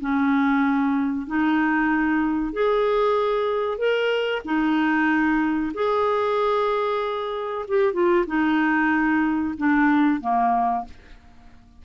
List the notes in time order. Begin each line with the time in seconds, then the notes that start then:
0.00 C#4
1.27 D#4
2.52 G#4
3.78 A#4
4.45 D#4
5.74 G#4
7.68 G4
7.93 F4
8.27 D#4
9.57 D4
10.21 A#3